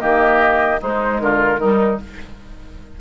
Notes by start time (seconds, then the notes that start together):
0.00 D#3 A#3 G4 D#5
0.81 G#3 D#4 C5
1.20 D3 F4 A#4
1.59 D#3 G3 D#4